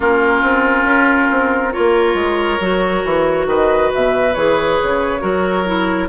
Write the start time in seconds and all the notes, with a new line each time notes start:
0.00 A#3 C#4 F4 A#4
0.42 C4
0.84 C#4
1.30 C4
1.72 A#3 F4 A#4 C#5
2.14 G#3
2.60 F#3 F#4
3.04 E3
3.46 D#3 B4 D#5
3.94 B2 E5
4.33 E3 G#4 C#5
4.82 C#3
5.20 F#3 F#4 A#4
5.65 E4